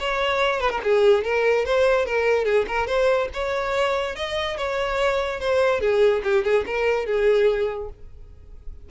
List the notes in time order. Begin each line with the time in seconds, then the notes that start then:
0.00 C#5
0.61 B4
0.71 A#4
0.84 G#4
1.25 A#4
1.66 C5
2.06 A#4
2.45 G#4
2.68 A#4
2.87 C5
3.34 C#5
4.16 D#5
4.58 C#5
5.41 C5
5.81 G#4
6.24 G4
6.45 G#4
6.67 A#4
7.06 G#4